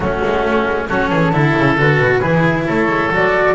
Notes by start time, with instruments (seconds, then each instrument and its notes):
0.00 double bass F#3, cello A3, oboe C#4, flute F#4
0.23 double bass G#3
0.43 double bass A3
0.65 double bass G#3
0.88 double bass F#3, cello C#4, oboe F#4, flute A4
1.09 double bass E3, oboe G#4
1.32 double bass D3, cello E4, oboe A4
1.57 double bass C#3
1.77 double bass D3, cello F#4, flute B4
1.98 double bass B2
2.19 double bass E3, cello E4, oboe G#4
2.66 double bass A3, oboe A4, flute C#5
2.87 double bass G#3
3.10 double bass F#3, cello F#4, flute D5